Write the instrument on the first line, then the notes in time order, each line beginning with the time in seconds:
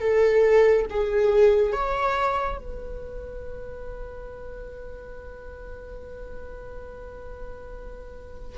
viola
0.00 A4
0.90 G#4
1.72 C#5
2.58 B4